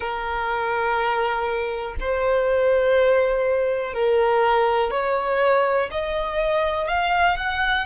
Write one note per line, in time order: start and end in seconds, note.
0.00 1.94 A#4
1.99 3.93 C5
3.93 4.90 A#4
4.90 5.89 C#5
5.91 6.88 D#5
6.88 7.36 F5
7.36 7.86 F#5